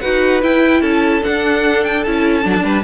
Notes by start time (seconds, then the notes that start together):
0.00 D#4 F#4 B4 F#5
0.41 E4 G5
0.81 C#4 A4 A5
1.22 D4 F#5
1.84 G5
2.03 C#4 E4 A5
2.42 F#3 D4
2.56 D4
2.63 G3 B4